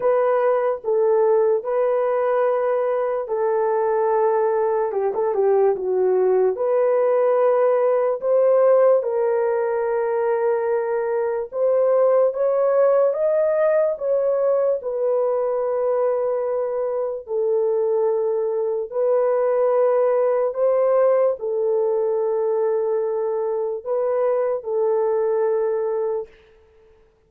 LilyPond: \new Staff \with { instrumentName = "horn" } { \time 4/4 \tempo 4 = 73 b'4 a'4 b'2 | a'2 g'16 a'16 g'8 fis'4 | b'2 c''4 ais'4~ | ais'2 c''4 cis''4 |
dis''4 cis''4 b'2~ | b'4 a'2 b'4~ | b'4 c''4 a'2~ | a'4 b'4 a'2 | }